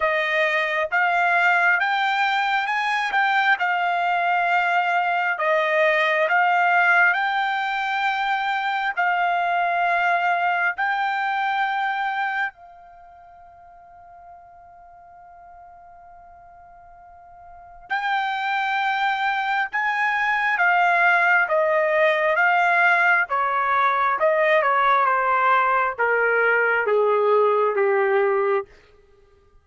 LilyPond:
\new Staff \with { instrumentName = "trumpet" } { \time 4/4 \tempo 4 = 67 dis''4 f''4 g''4 gis''8 g''8 | f''2 dis''4 f''4 | g''2 f''2 | g''2 f''2~ |
f''1 | g''2 gis''4 f''4 | dis''4 f''4 cis''4 dis''8 cis''8 | c''4 ais'4 gis'4 g'4 | }